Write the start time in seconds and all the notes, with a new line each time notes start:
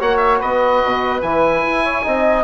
0.00 A#3 F#4 C#5 F#5
0.17 E5
0.41 B3 B4 D#5
0.85 B2
1.22 E3 E4 G#5
1.63 E4
1.85 C#5
2.03 C4 D#4 D#5